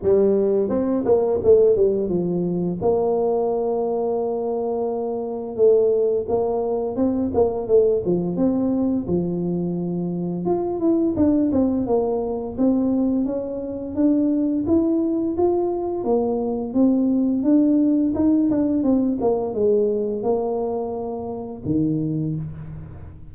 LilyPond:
\new Staff \with { instrumentName = "tuba" } { \time 4/4 \tempo 4 = 86 g4 c'8 ais8 a8 g8 f4 | ais1 | a4 ais4 c'8 ais8 a8 f8 | c'4 f2 f'8 e'8 |
d'8 c'8 ais4 c'4 cis'4 | d'4 e'4 f'4 ais4 | c'4 d'4 dis'8 d'8 c'8 ais8 | gis4 ais2 dis4 | }